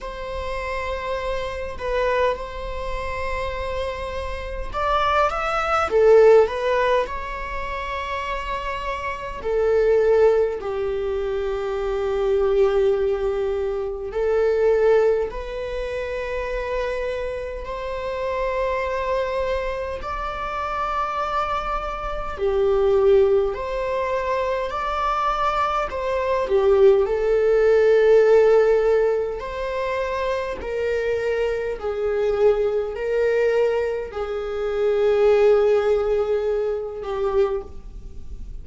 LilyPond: \new Staff \with { instrumentName = "viola" } { \time 4/4 \tempo 4 = 51 c''4. b'8 c''2 | d''8 e''8 a'8 b'8 cis''2 | a'4 g'2. | a'4 b'2 c''4~ |
c''4 d''2 g'4 | c''4 d''4 c''8 g'8 a'4~ | a'4 c''4 ais'4 gis'4 | ais'4 gis'2~ gis'8 g'8 | }